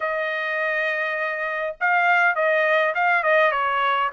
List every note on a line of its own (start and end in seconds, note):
0.00 1.76 D#5
1.80 2.35 F5
2.35 2.94 D#5
2.94 3.23 F5
3.23 3.51 D#5
3.51 4.10 C#5